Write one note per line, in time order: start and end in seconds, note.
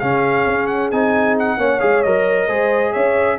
0.00 0.47 C#3
0.00 0.92 C#4
0.00 1.58 G#4
0.00 0.67 F5
0.47 0.92 C#4
0.67 0.89 F#5
0.92 1.58 C4
0.92 1.59 D#4
0.92 1.37 G#5
1.39 1.80 F#5
1.58 1.80 A#3
1.58 1.80 C#4
1.58 2.47 C#5
1.80 2.05 G#3
1.80 2.03 G#4
1.80 2.03 F5
2.03 2.49 F#3
2.03 2.49 A#4
2.03 2.93 D#5
2.47 2.94 G#3
2.47 3.39 G#4
2.47 2.92 C5
2.92 3.39 C#4
2.92 3.37 C#5
2.92 3.38 E5